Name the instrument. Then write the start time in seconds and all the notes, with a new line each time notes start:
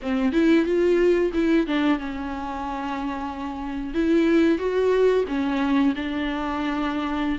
viola
0.02 C4
0.32 E4
0.65 F4
1.33 E4
1.66 D4
1.98 C#4
3.94 E4
4.58 F#4
5.28 C#4
5.95 D4